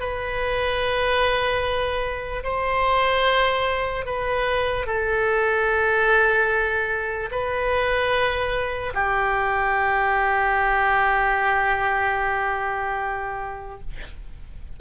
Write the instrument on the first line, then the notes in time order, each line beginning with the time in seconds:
oboe
0.00 B4
2.43 C5
4.05 B4
4.86 A4
7.31 B4
8.94 G4